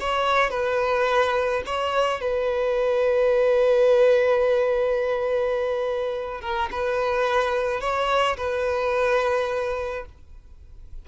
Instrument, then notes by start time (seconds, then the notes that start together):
violin
0.00 C#5
0.50 B4
1.65 C#5
2.20 B4
6.41 A#4
6.71 B4
7.80 C#5
8.37 B4